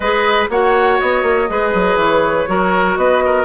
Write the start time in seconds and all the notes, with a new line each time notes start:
0.00 G#3 G#4 B4 D#5
0.49 A#3 F#4 C#5 F#5
1.00 B3 D#5
1.22 A#3
1.48 G#3 G#4 B4
1.74 F#3
1.95 E3 C#5
2.47 F#3 F#4 A#4
2.96 B3 B4 D#5
3.25 A#4